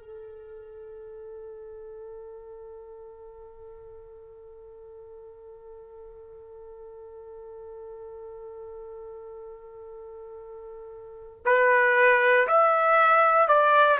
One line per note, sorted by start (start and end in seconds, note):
0.00 11.44 A4
11.45 12.47 B4
12.47 13.48 E5
13.48 13.99 D5